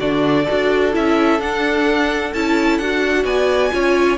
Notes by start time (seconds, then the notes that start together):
0.00 D3 D4 F#4 D5
0.44 F#4 A4
0.51 D4
0.93 C#4 E4 E5
1.40 D4 F#5
2.33 C#4 E4 A5
2.78 D4 F#4 F#5
3.24 B3 D5 G#5
3.72 C#4 F4 C#5